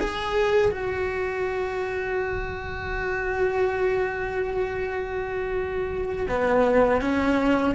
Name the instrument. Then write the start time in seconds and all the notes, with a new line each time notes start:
cello
0.00 G#4
0.72 F#4
6.29 B3
7.01 C#4